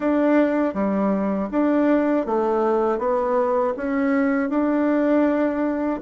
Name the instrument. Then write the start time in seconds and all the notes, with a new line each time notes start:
bassoon
0.00 D4
0.73 G3
1.51 D4
2.26 A3
2.98 B3
3.76 C#4
4.49 D4